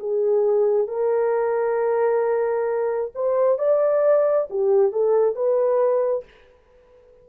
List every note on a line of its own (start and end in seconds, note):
0.00 0.88 G#4
0.88 3.12 A#4
3.15 3.59 C5
3.59 4.49 D5
4.50 4.92 G4
4.92 5.35 A4
5.35 6.25 B4